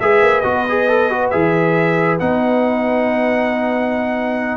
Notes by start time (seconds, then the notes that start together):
0.00 G#3 G#4 B4 E5
0.22 A#3
0.41 B3 F#4 D#5
0.69 G#4
0.89 A4
1.10 F#4
1.30 E3 G#4 E5
2.20 B3 D#4 F#5